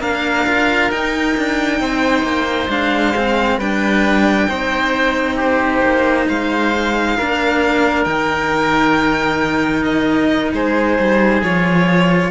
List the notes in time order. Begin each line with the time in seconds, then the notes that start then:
0.00 A#3 D4 A#4 F5
0.47 F4
0.90 D#4 G5
1.37 D4
1.80 C4 C5
2.23 A#3
2.68 G#3 D4 F5
3.17 C4
3.57 G3 D4 B4 G5
4.49 C4 D#4 C5
5.36 G4 C5
5.81 A#3
6.28 G#3 C5 F5
7.18 A#3 D4 A#4
8.04 D#3 D#4 G5
9.84 D#5
10.54 G#3 G#4 C5
10.99 G3
11.42 F3 F4 C#5